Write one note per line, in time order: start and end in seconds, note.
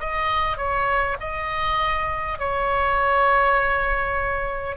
0.00 0.57 D#5
0.57 1.17 C#5
1.20 2.39 D#5
2.39 4.77 C#5